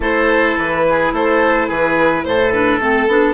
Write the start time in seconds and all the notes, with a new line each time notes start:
0.00 A3 E4 A4 C5
0.57 E3 B4
0.89 G#4
1.12 A3 A4 C5
1.67 E3 G#4 B4
2.24 A2 A4 C5
2.52 D4 B4
2.79 A3 C4 A4
3.07 B3 D4